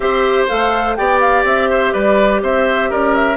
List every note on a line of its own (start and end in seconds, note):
0.00 0.45 C4
0.00 0.48 G4
0.00 0.97 C5
0.00 0.46 E5
0.48 0.98 A3
0.48 0.96 A4
0.48 0.96 F5
0.96 1.44 B3
0.96 3.36 G4
0.96 1.70 D5
0.96 1.20 G5
1.20 1.44 F5
1.44 1.92 C4
1.44 1.93 E5
1.70 1.92 C5
1.92 2.42 G3
1.92 2.41 B4
1.92 2.41 D5
2.42 2.90 C4
2.42 2.90 C5
2.42 2.91 E5
2.90 3.36 C#4
2.90 3.36 A#4
2.90 3.15 D5
3.15 3.36 E5